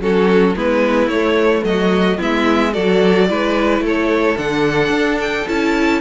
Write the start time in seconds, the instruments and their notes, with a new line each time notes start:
0.00 cello F#3, viola C#4, violin F#4 A4
0.56 cello G#3, viola B3, violin E4 B4
1.07 cello A3, viola A3, violin C#5
1.64 cello F#3, violin F#4 D#5
2.17 cello G#3, viola B3, violin E4 E5
2.73 cello F#3, viola F#4, violin A4 D5
3.28 cello G#3, viola E4, violin B4
3.81 cello A3, violin A4
3.87 violin C#5
4.37 cello D3, viola D4, violin F#5
4.89 cello D4
5.21 violin G5
5.48 cello C#4, viola E4, violin A5